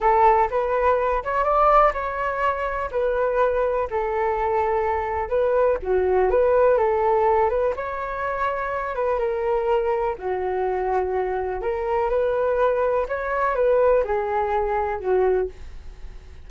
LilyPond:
\new Staff \with { instrumentName = "flute" } { \time 4/4 \tempo 4 = 124 a'4 b'4. cis''8 d''4 | cis''2 b'2 | a'2. b'4 | fis'4 b'4 a'4. b'8 |
cis''2~ cis''8 b'8 ais'4~ | ais'4 fis'2. | ais'4 b'2 cis''4 | b'4 gis'2 fis'4 | }